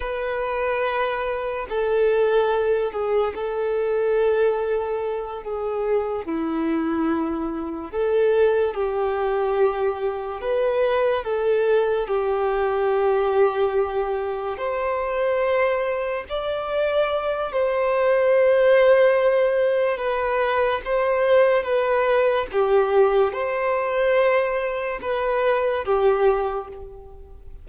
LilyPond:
\new Staff \with { instrumentName = "violin" } { \time 4/4 \tempo 4 = 72 b'2 a'4. gis'8 | a'2~ a'8 gis'4 e'8~ | e'4. a'4 g'4.~ | g'8 b'4 a'4 g'4.~ |
g'4. c''2 d''8~ | d''4 c''2. | b'4 c''4 b'4 g'4 | c''2 b'4 g'4 | }